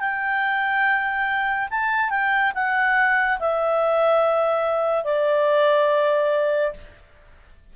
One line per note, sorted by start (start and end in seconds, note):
0.00 1.69 G5
1.71 2.10 A5
2.10 2.52 G5
2.55 3.40 F#5
3.40 5.05 E5
5.05 6.74 D5